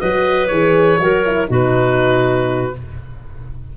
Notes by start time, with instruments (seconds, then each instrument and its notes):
0.00 tuba F#3, horn F#4, clarinet B4, oboe D#5
0.47 tuba E3, horn G#4, oboe C#5
0.99 tuba F#3, horn F#4, clarinet A#4
1.26 horn E4
1.47 tuba B2, horn D#4, clarinet F#4, oboe B4